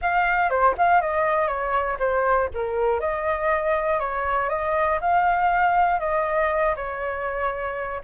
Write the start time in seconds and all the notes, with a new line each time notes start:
0.01 F5
0.50 C5
0.77 F5
1.01 D#5
1.47 C#5
1.99 C5
2.54 A#4
3.00 D#5
3.99 C#5
4.49 D#5
5.00 F5
5.99 D#5
6.76 C#5